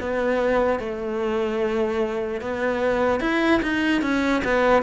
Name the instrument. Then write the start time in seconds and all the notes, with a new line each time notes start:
cello
0.00 B3
0.79 A3
2.40 B3
3.20 E4
3.62 D#4
4.01 C#4
4.44 B3